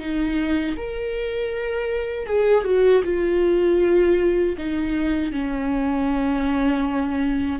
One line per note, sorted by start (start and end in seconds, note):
0.00 0.76 D#4
0.77 2.26 A#4
2.26 2.64 G#4
2.65 3.03 F#4
3.04 4.56 F4
4.58 5.32 D#4
5.32 7.60 C#4